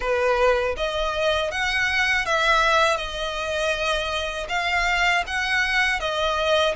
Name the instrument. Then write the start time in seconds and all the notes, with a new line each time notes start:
violin
0.00 B4
0.76 D#5
1.51 F#5
2.25 E5
2.96 D#5
4.48 F5
5.26 F#5
6.00 D#5